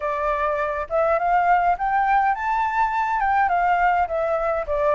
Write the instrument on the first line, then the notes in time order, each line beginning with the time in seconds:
flute
0.00 D5
0.89 E5
1.18 F5
1.78 G5
2.34 A5
3.20 G5
3.48 F5
4.07 E5
4.67 D5